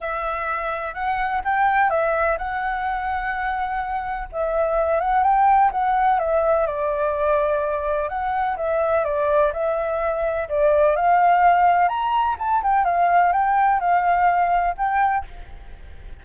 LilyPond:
\new Staff \with { instrumentName = "flute" } { \time 4/4 \tempo 4 = 126 e''2 fis''4 g''4 | e''4 fis''2.~ | fis''4 e''4. fis''8 g''4 | fis''4 e''4 d''2~ |
d''4 fis''4 e''4 d''4 | e''2 d''4 f''4~ | f''4 ais''4 a''8 g''8 f''4 | g''4 f''2 g''4 | }